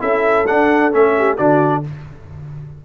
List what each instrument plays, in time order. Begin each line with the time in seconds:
0.00 tuba C#4, trombone E4, horn A4, trumpet E5
0.47 trombone D4, tuba D4, trumpet F#5
0.92 tuba A3, trombone C#4, trumpet E5
1.18 horn G4
1.37 tuba D3, trombone D4, horn F#4, trumpet D5